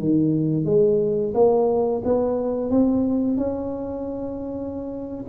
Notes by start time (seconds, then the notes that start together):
0.00 D#3
0.66 G#3
1.35 A#3
2.05 B3
2.71 C4
3.38 C#4